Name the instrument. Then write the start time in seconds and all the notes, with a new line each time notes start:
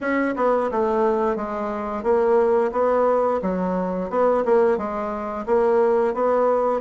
bassoon
0.00 C#4
0.36 B3
0.71 A3
1.36 G#3
2.03 A#3
2.72 B3
3.42 F#3
4.09 B3
4.45 A#3
4.77 G#3
5.45 A#3
6.14 B3